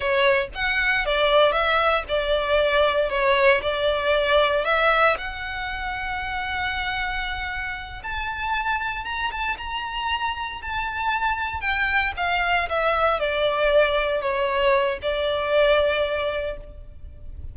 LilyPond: \new Staff \with { instrumentName = "violin" } { \time 4/4 \tempo 4 = 116 cis''4 fis''4 d''4 e''4 | d''2 cis''4 d''4~ | d''4 e''4 fis''2~ | fis''2.~ fis''8 a''8~ |
a''4. ais''8 a''8 ais''4.~ | ais''8 a''2 g''4 f''8~ | f''8 e''4 d''2 cis''8~ | cis''4 d''2. | }